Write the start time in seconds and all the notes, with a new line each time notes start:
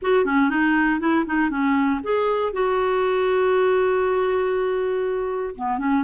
0.02 F#4
0.25 C#4
0.49 D#4
0.99 E4
1.26 D#4
1.50 C#4
2.03 G#4
2.52 F#4
5.55 B3
5.78 C#4